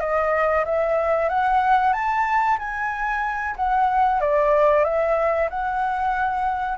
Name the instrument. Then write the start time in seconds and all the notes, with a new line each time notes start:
flute
0.00 D#5
0.65 E5
1.29 F#5
1.93 A5
2.58 G#5
3.56 F#5
4.20 D5
4.84 E5
5.50 F#5